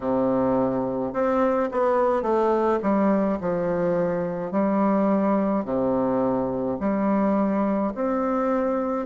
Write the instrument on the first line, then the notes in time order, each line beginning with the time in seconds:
bassoon
0.00 C3
1.13 C4
1.71 B3
2.22 A3
2.82 G3
3.41 F3
4.51 G3
5.64 C3
6.80 G3
7.95 C4